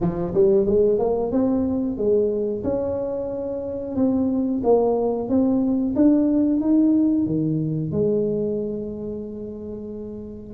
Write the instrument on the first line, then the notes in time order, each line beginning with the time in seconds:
tuba
0.00 F3
0.34 G3
0.66 G#3
0.99 A#3
1.31 C4
1.97 G#3
2.63 C#4
3.95 C4
4.63 A#3
5.29 C4
5.95 D4
6.60 D#4
7.26 D#3
7.91 G#3